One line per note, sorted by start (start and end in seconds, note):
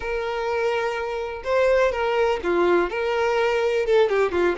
0.00 1.42 A#4
1.44 1.92 C5
1.92 2.40 A#4
2.43 2.90 F4
2.90 3.86 A#4
3.86 4.09 A4
4.09 4.31 G4
4.31 4.55 F4